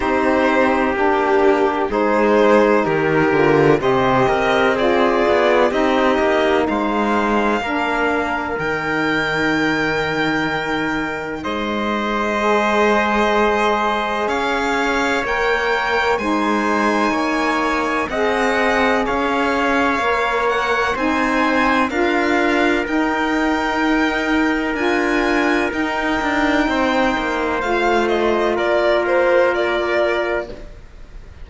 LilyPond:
<<
  \new Staff \with { instrumentName = "violin" } { \time 4/4 \tempo 4 = 63 c''4 g'4 c''4 ais'4 | dis''4 d''4 dis''4 f''4~ | f''4 g''2. | dis''2. f''4 |
g''4 gis''2 fis''4 | f''4. fis''8 gis''4 f''4 | g''2 gis''4 g''4~ | g''4 f''8 dis''8 d''8 c''8 d''4 | }
  \new Staff \with { instrumentName = "trumpet" } { \time 4/4 g'2 gis'4 g'4 | c''8 ais'8 gis'4 g'4 c''4 | ais'1 | c''2. cis''4~ |
cis''4 c''4 cis''4 dis''4 | cis''2 c''4 ais'4~ | ais'1 | c''2 ais'2 | }
  \new Staff \with { instrumentName = "saxophone" } { \time 4/4 dis'4 d'4 dis'4. f'8 | g'4 f'4 dis'2 | d'4 dis'2.~ | dis'4 gis'2. |
ais'4 dis'2 gis'4~ | gis'4 ais'4 dis'4 f'4 | dis'2 f'4 dis'4~ | dis'4 f'2. | }
  \new Staff \with { instrumentName = "cello" } { \time 4/4 c'4 ais4 gis4 dis8 d8 | c8 c'4 b8 c'8 ais8 gis4 | ais4 dis2. | gis2. cis'4 |
ais4 gis4 ais4 c'4 | cis'4 ais4 c'4 d'4 | dis'2 d'4 dis'8 d'8 | c'8 ais8 a4 ais2 | }
>>